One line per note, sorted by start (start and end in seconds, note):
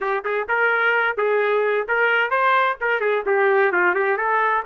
0.00 0.24 G4
0.24 0.47 G#4
0.48 1.17 A#4
1.17 1.87 G#4
1.87 2.30 A#4
2.30 2.76 C5
2.80 3.00 A#4
3.00 3.23 G#4
3.26 3.71 G4
3.71 3.94 F4
3.94 4.17 G4
4.17 4.63 A4